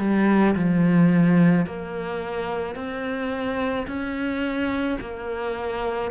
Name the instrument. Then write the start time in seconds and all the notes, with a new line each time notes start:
cello
0.00 G3
0.56 F3
1.67 A#3
2.76 C4
3.87 C#4
5.01 A#3